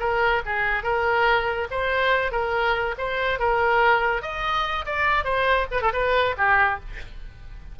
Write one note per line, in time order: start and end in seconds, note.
0.00 0.42 A#4
0.46 0.84 G#4
0.84 1.68 A#4
1.71 2.32 C5
2.32 2.95 A#4
2.98 3.39 C5
3.39 4.22 A#4
4.22 4.86 D#5
4.86 5.25 D5
5.25 5.67 C5
5.71 5.82 B4
5.82 5.93 A4
5.93 6.36 B4
6.38 6.80 G4